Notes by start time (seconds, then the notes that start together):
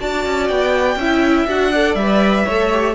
0.00 D4 F#4 D5 A5
0.26 C#4
0.48 B3 G5
0.96 C#4 E4 E5
1.47 D4 F#4 F#5
1.72 A4 D5
1.95 G3 B4 E5
2.46 A3 A4 C#5
2.73 G4